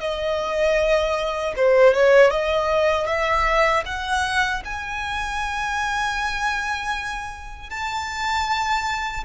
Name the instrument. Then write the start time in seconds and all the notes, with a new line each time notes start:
violin
0.00 D#5
1.56 C5
1.94 C#5
2.31 D#5
3.07 E5
3.86 F#5
4.65 G#5
7.70 A5